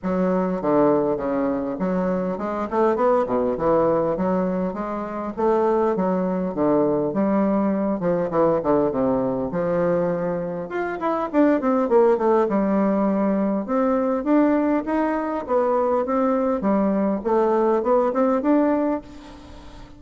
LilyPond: \new Staff \with { instrumentName = "bassoon" } { \time 4/4 \tempo 4 = 101 fis4 d4 cis4 fis4 | gis8 a8 b8 b,8 e4 fis4 | gis4 a4 fis4 d4 | g4. f8 e8 d8 c4 |
f2 f'8 e'8 d'8 c'8 | ais8 a8 g2 c'4 | d'4 dis'4 b4 c'4 | g4 a4 b8 c'8 d'4 | }